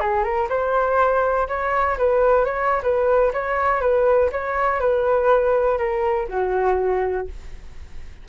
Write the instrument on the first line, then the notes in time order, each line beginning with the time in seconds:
flute
0.00 G#4
0.23 A#4
0.49 C5
1.48 C#5
1.98 B4
2.45 C#5
2.83 B4
3.33 C#5
3.81 B4
4.32 C#5
4.80 B4
5.78 A#4
6.29 F#4